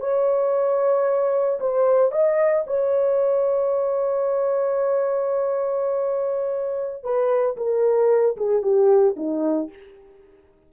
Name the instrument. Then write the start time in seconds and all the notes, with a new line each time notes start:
horn
0.00 C#5
1.60 C5
2.11 D#5
2.67 C#5
7.04 B4
7.57 A#4
8.37 G#4
8.63 G4
9.16 D#4